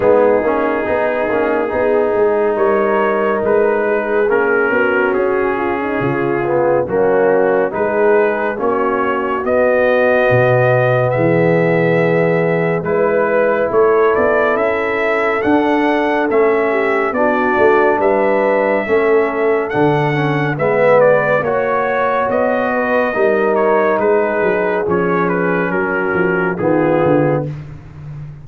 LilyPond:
<<
  \new Staff \with { instrumentName = "trumpet" } { \time 4/4 \tempo 4 = 70 gis'2. cis''4 | b'4 ais'4 gis'2 | fis'4 b'4 cis''4 dis''4~ | dis''4 e''2 b'4 |
cis''8 d''8 e''4 fis''4 e''4 | d''4 e''2 fis''4 | e''8 d''8 cis''4 dis''4. cis''8 | b'4 cis''8 b'8 ais'4 gis'4 | }
  \new Staff \with { instrumentName = "horn" } { \time 4/4 dis'2 gis'4 ais'4~ | ais'8 gis'4 fis'4 f'16 dis'16 f'4 | cis'4 gis'4 fis'2~ | fis'4 gis'2 b'4 |
a'2.~ a'8 g'8 | fis'4 b'4 a'2 | b'4 cis''4. b'8 ais'4 | gis'2 fis'4 f'4 | }
  \new Staff \with { instrumentName = "trombone" } { \time 4/4 b8 cis'8 dis'8 cis'8 dis'2~ | dis'4 cis'2~ cis'8 b8 | ais4 dis'4 cis'4 b4~ | b2. e'4~ |
e'2 d'4 cis'4 | d'2 cis'4 d'8 cis'8 | b4 fis'2 dis'4~ | dis'4 cis'2 b4 | }
  \new Staff \with { instrumentName = "tuba" } { \time 4/4 gis8 ais8 b8 ais8 b8 gis8 g4 | gis4 ais8 b8 cis'4 cis4 | fis4 gis4 ais4 b4 | b,4 e2 gis4 |
a8 b8 cis'4 d'4 a4 | b8 a8 g4 a4 d4 | gis4 ais4 b4 g4 | gis8 fis8 f4 fis8 f8 dis8 d8 | }
>>